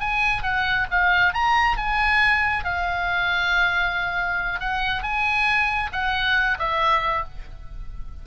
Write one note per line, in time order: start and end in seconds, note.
0.00 0.43 G#5
0.43 0.86 F#5
0.91 1.33 F5
1.33 1.77 A#5
1.77 2.64 G#5
2.64 4.60 F5
4.60 5.03 F#5
5.03 5.90 G#5
5.92 6.58 F#5
6.59 7.24 E5